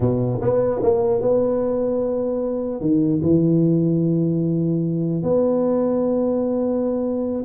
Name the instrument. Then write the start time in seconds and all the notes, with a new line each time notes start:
tuba
0.00 B2
0.41 B3
0.82 A#3
1.21 B3
2.80 D#3
3.22 E3
5.22 B3